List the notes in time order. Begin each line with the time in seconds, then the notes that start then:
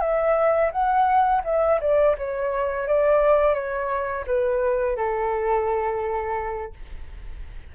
0.00 E5
0.71 F#5
1.44 E5
1.80 D5
2.17 C#5
2.87 D5
3.54 C#5
4.26 B4
4.96 A4